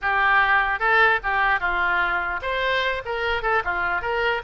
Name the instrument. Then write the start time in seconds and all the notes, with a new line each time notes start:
oboe
0.01 G4
0.79 A4
1.23 G4
1.60 F4
2.42 C5
3.05 A#4
3.42 A4
3.64 F4
4.01 A#4